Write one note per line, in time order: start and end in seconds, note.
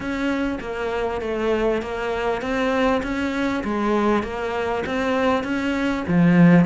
0.00 0.58 C#4
0.60 1.21 A#3
1.21 1.82 A3
1.82 2.41 A#3
2.41 3.02 C4
3.02 3.63 C#4
3.64 4.23 G#3
4.23 4.83 A#3
4.86 5.43 C4
5.43 6.04 C#4
6.07 6.65 F3